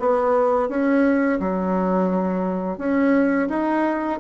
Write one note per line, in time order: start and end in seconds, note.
0.00 0.69 B3
0.69 1.40 C#4
1.40 2.78 F#3
2.78 3.49 C#4
3.49 4.20 D#4